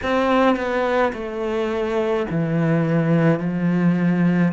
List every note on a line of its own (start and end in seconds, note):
0.03 0.56 C4
0.56 1.12 B3
1.13 2.26 A3
2.30 3.40 E3
3.40 4.53 F3